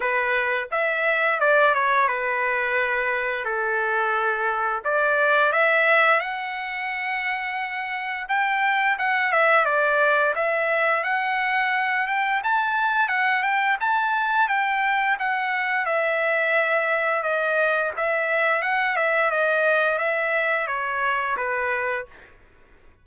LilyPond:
\new Staff \with { instrumentName = "trumpet" } { \time 4/4 \tempo 4 = 87 b'4 e''4 d''8 cis''8 b'4~ | b'4 a'2 d''4 | e''4 fis''2. | g''4 fis''8 e''8 d''4 e''4 |
fis''4. g''8 a''4 fis''8 g''8 | a''4 g''4 fis''4 e''4~ | e''4 dis''4 e''4 fis''8 e''8 | dis''4 e''4 cis''4 b'4 | }